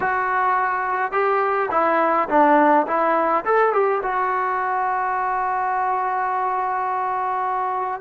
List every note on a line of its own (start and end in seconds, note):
0.00 1.12 F#4
1.12 1.69 G4
1.71 2.28 E4
2.29 2.86 D4
2.87 3.44 E4
3.45 3.72 A4
3.72 4.01 G4
4.02 8.00 F#4